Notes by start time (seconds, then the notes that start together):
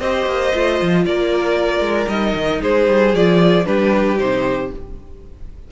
0.00 C4 G4 C5 D#5
0.26 A#3
0.53 A3 F4
0.82 F3
1.06 A#3 A#4 D5
1.81 G#3
2.07 G3 D#4 D#5
2.35 D#3
2.62 G#3 G#4 C5
2.88 G3
3.15 F3 F4 D5
3.65 G3 D4 G4 B4
4.18 C3 D#4 C5